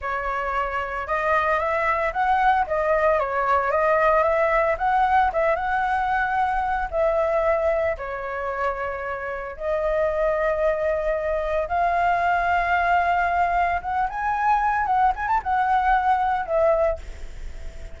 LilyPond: \new Staff \with { instrumentName = "flute" } { \time 4/4 \tempo 4 = 113 cis''2 dis''4 e''4 | fis''4 dis''4 cis''4 dis''4 | e''4 fis''4 e''8 fis''4.~ | fis''4 e''2 cis''4~ |
cis''2 dis''2~ | dis''2 f''2~ | f''2 fis''8 gis''4. | fis''8 gis''16 a''16 fis''2 e''4 | }